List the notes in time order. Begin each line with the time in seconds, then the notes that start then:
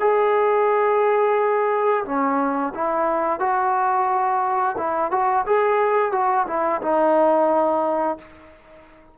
0.00 G#4
2.05 C#4
2.74 E4
3.39 F#4
4.77 E4
5.11 F#4
5.46 G#4
6.12 F#4
6.47 E4
6.82 D#4